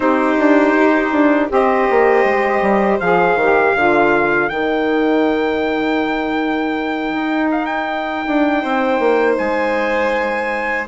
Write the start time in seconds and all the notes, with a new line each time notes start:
0.00 C4 D#4 G4 C5
0.38 D4
0.74 D#4
1.11 D4
1.49 C4 G4 C5 D#5
1.90 A#3
2.24 G#3
2.61 G3
3.00 F3 G#4 F5
3.35 D#3 G4
3.75 D3 F4 A#4
4.48 D#3 D#4 G5
7.13 D#4
7.51 F5
7.65 G5
8.27 D4
8.62 C4 C5
8.99 A#3
9.37 G#3 G#5